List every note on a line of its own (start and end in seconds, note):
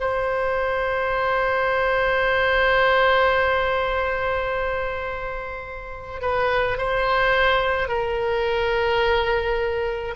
0.00 6.22 C5
6.22 6.78 B4
6.78 7.88 C5
7.88 10.15 A#4